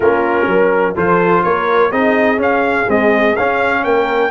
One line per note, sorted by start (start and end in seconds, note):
0.00 0.46 A#3
0.00 0.95 C#4
0.00 0.47 F4
0.00 0.95 A#4
0.46 0.94 F#3
0.46 0.94 A#4
0.94 1.44 F3
0.94 1.91 F4
0.94 1.42 A4
0.94 1.43 C5
1.43 1.91 A#3
1.43 1.89 A#4
1.43 1.91 C#5
1.89 2.37 C4
1.89 2.37 D#4
1.89 3.81 G#4
1.89 2.39 D#5
2.37 2.85 C#4
2.37 2.90 F5
2.88 3.36 G#3
2.88 3.36 C4
2.88 3.35 D#5
3.35 3.84 C#4
3.35 4.31 C#4
3.35 3.83 F5
3.83 4.31 A#3
3.83 4.31 A#4
3.83 4.31 G5